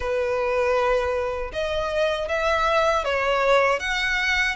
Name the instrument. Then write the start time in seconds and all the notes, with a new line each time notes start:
violin
0.00 B4
1.52 D#5
2.28 E5
3.04 C#5
3.79 F#5